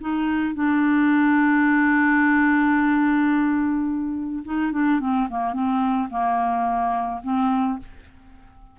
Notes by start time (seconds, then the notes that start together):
0.00 D#4
0.54 D4
4.44 D#4
4.72 D4
5.00 C4
5.29 A#3
5.53 C4
6.10 A#3
7.23 C4